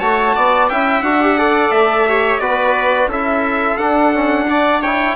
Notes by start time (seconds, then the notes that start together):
0.00 A3 F#4 C#5 A5
0.35 B3 D5
0.69 C#4 E4 E5 G5
1.02 D4 F#4 F#5
1.22 G4
1.39 A4 D5
1.71 A3 E5
2.09 G4 C#5
2.40 B3 F#4 B4 D5
3.08 C#4 E4 A4 E5
3.77 D4 F#5
4.13 C#4
4.47 D4 D5
4.82 E4 C#5 G5